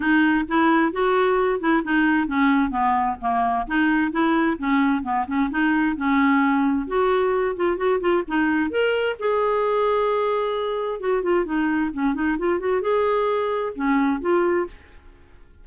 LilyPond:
\new Staff \with { instrumentName = "clarinet" } { \time 4/4 \tempo 4 = 131 dis'4 e'4 fis'4. e'8 | dis'4 cis'4 b4 ais4 | dis'4 e'4 cis'4 b8 cis'8 | dis'4 cis'2 fis'4~ |
fis'8 f'8 fis'8 f'8 dis'4 ais'4 | gis'1 | fis'8 f'8 dis'4 cis'8 dis'8 f'8 fis'8 | gis'2 cis'4 f'4 | }